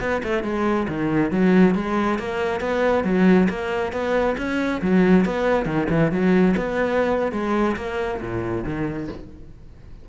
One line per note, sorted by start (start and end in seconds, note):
0.00 0.22 B3
0.23 0.43 A3
0.43 0.87 G#3
0.88 1.32 D#3
1.32 1.75 F#3
1.75 2.19 G#3
2.19 2.61 A#3
2.61 3.04 B3
3.04 3.48 F#3
3.49 3.92 A#3
3.92 4.36 B3
4.38 4.81 C#4
4.82 5.25 F#3
5.25 5.66 B3
5.66 5.88 D#3
5.90 6.12 E3
6.12 6.55 F#3
6.57 7.32 B3
7.32 7.76 G#3
7.77 8.20 A#3
8.21 8.65 A#2
8.65 9.08 D#3